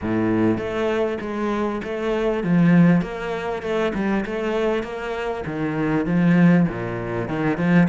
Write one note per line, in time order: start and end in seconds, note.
0.01 0.57 A2
0.57 1.18 A3
1.21 1.81 G#3
1.83 2.43 A3
2.43 3.01 F3
3.01 3.62 A#3
3.62 3.92 A3
3.94 4.24 G3
4.25 4.83 A3
4.83 5.44 A#3
5.45 6.06 D#3
6.06 6.66 F3
6.68 7.28 A#2
7.28 7.57 D#3
7.57 7.87 F3